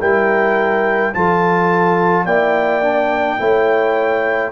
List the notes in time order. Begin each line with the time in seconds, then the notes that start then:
0.00 G3 E4 A#4 G5
1.14 F3 F4 A4 A5
2.25 A#3 E4 D5 G5
2.82 D4
3.38 A3 E4 C#5